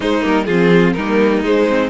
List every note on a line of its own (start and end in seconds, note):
0.00 0.21 G#3
0.00 0.23 G#3
0.00 0.46 D#4
0.00 0.25 C5
0.21 0.47 G3
0.21 0.45 A#3
0.21 0.45 A#4
0.45 0.95 F3
0.45 0.98 C4
0.45 0.94 F4
0.45 0.93 G#4
0.93 1.43 G3
0.93 1.44 A#3
0.93 1.89 D#4
0.93 1.41 A#4
1.43 1.89 G#3
1.43 1.68 G#3
1.43 1.89 C5
1.68 1.89 C4